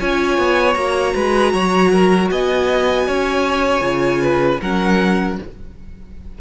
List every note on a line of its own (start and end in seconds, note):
0.00 0.38 C#4
0.00 0.75 F4
0.00 1.15 C#5
0.00 0.75 G#5
0.38 0.76 B3
0.75 1.14 A#3
0.75 3.81 F#4
0.75 2.29 A#5
1.15 1.54 G#3
1.15 1.53 B4
1.54 2.31 F#3
1.54 1.92 C#5
1.93 2.31 A#4
2.31 3.08 B3
2.31 3.08 D#5
2.31 4.62 G#5
3.08 3.82 C#4
3.08 4.22 C#5
3.81 4.59 C#3
3.81 4.58 F4
4.22 4.61 B4
4.62 5.39 F#3
4.62 5.41 C#4
4.62 5.39 A#4
4.62 5.39 F#5